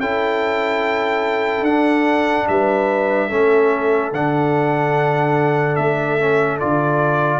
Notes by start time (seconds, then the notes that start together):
0.00 C#4 E4 A4 G5
1.62 D4 F#5
2.47 G3 B4 E5
3.29 A3 C#4 A4
4.12 D3 D4 F#5
5.76 A3 E5
6.20 C#4
6.60 D3 F4 D5